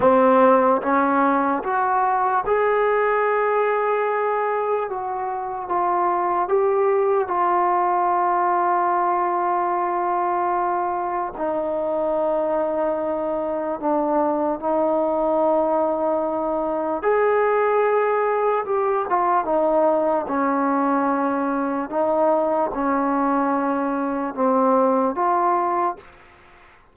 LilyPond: \new Staff \with { instrumentName = "trombone" } { \time 4/4 \tempo 4 = 74 c'4 cis'4 fis'4 gis'4~ | gis'2 fis'4 f'4 | g'4 f'2.~ | f'2 dis'2~ |
dis'4 d'4 dis'2~ | dis'4 gis'2 g'8 f'8 | dis'4 cis'2 dis'4 | cis'2 c'4 f'4 | }